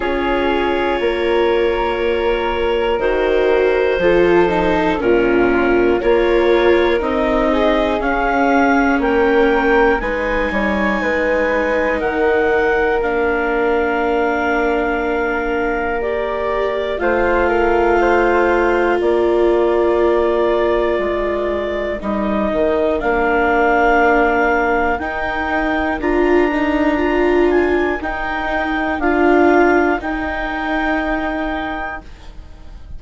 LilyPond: <<
  \new Staff \with { instrumentName = "clarinet" } { \time 4/4 \tempo 4 = 60 cis''2. c''4~ | c''4 ais'4 cis''4 dis''4 | f''4 g''4 gis''2 | fis''4 f''2. |
d''4 f''2 d''4~ | d''2 dis''4 f''4~ | f''4 g''4 ais''4. gis''8 | g''4 f''4 g''2 | }
  \new Staff \with { instrumentName = "flute" } { \time 4/4 gis'4 ais'2. | a'4 f'4 ais'4. gis'8~ | gis'4 ais'4 b'8 cis''8 b'4 | ais'1~ |
ais'4 c''8 ais'8 c''4 ais'4~ | ais'1~ | ais'1~ | ais'1 | }
  \new Staff \with { instrumentName = "viola" } { \time 4/4 f'2. fis'4 | f'8 dis'8 cis'4 f'4 dis'4 | cis'2 dis'2~ | dis'4 d'2. |
g'4 f'2.~ | f'2 dis'4 d'4~ | d'4 dis'4 f'8 dis'8 f'4 | dis'4 f'4 dis'2 | }
  \new Staff \with { instrumentName = "bassoon" } { \time 4/4 cis'4 ais2 dis4 | f4 ais,4 ais4 c'4 | cis'4 ais4 gis8 g8 gis4 | dis4 ais2.~ |
ais4 a2 ais4~ | ais4 gis4 g8 dis8 ais4~ | ais4 dis'4 d'2 | dis'4 d'4 dis'2 | }
>>